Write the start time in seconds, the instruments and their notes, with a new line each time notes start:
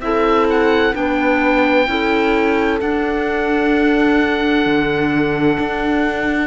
0.00 cello C4, clarinet E4, horn A4, oboe E5
0.49 oboe F#5
0.93 cello B3, clarinet D4, horn B4, oboe G5
1.86 cello C#4, clarinet E4, horn A4
2.80 clarinet D4, cello D4, oboe F#5
4.65 cello D3
5.58 cello D4